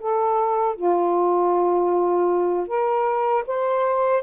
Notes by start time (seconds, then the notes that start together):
0.00 A4
0.76 F4
2.67 A#4
3.47 C5